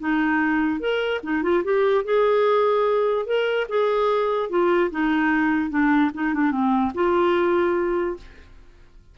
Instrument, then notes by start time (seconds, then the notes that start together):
clarinet
0.00 D#4
0.80 A#4
1.24 D#4
1.43 F4
1.64 G4
2.05 G#4
3.26 A#4
3.69 G#4
4.50 F4
4.91 D#4
5.70 D4
6.14 D#4
6.35 D4
6.52 C4
6.95 F4